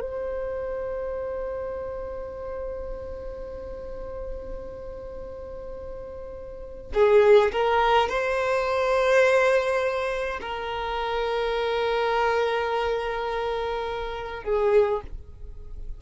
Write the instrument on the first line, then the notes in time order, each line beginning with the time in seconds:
violin
0.00 C5
6.94 G#4
7.52 A#4
8.08 C5
10.41 A#4
14.43 G#4